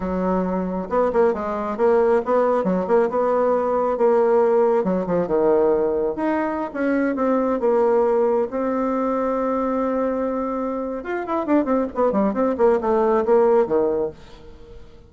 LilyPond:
\new Staff \with { instrumentName = "bassoon" } { \time 4/4 \tempo 4 = 136 fis2 b8 ais8 gis4 | ais4 b4 fis8 ais8 b4~ | b4 ais2 fis8 f8 | dis2 dis'4~ dis'16 cis'8.~ |
cis'16 c'4 ais2 c'8.~ | c'1~ | c'4 f'8 e'8 d'8 c'8 b8 g8 | c'8 ais8 a4 ais4 dis4 | }